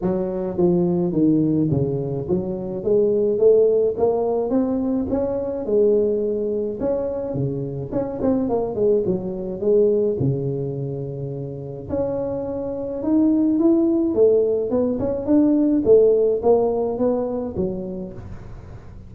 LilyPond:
\new Staff \with { instrumentName = "tuba" } { \time 4/4 \tempo 4 = 106 fis4 f4 dis4 cis4 | fis4 gis4 a4 ais4 | c'4 cis'4 gis2 | cis'4 cis4 cis'8 c'8 ais8 gis8 |
fis4 gis4 cis2~ | cis4 cis'2 dis'4 | e'4 a4 b8 cis'8 d'4 | a4 ais4 b4 fis4 | }